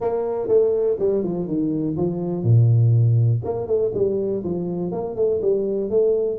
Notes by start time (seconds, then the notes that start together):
0.00 A#3
0.48 A3
0.99 G3
1.23 F3
1.47 D#3
1.96 F3
2.43 A#2
3.44 A#3
3.67 A3
3.94 G3
4.44 F3
4.91 A#3
5.15 A3
5.41 G3
5.90 A3